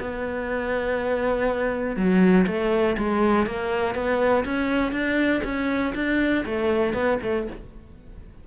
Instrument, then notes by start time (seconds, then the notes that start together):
cello
0.00 B3
1.97 F#3
2.47 A3
2.98 G#3
3.46 A#3
3.95 B3
4.45 C#4
4.92 D4
5.44 C#4
5.95 D4
6.45 A3
6.94 B3
7.22 A3